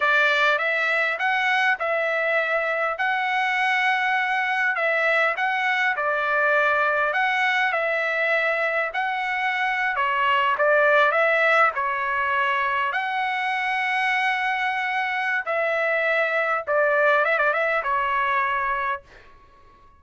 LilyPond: \new Staff \with { instrumentName = "trumpet" } { \time 4/4 \tempo 4 = 101 d''4 e''4 fis''4 e''4~ | e''4 fis''2. | e''4 fis''4 d''2 | fis''4 e''2 fis''4~ |
fis''8. cis''4 d''4 e''4 cis''16~ | cis''4.~ cis''16 fis''2~ fis''16~ | fis''2 e''2 | d''4 e''16 d''16 e''8 cis''2 | }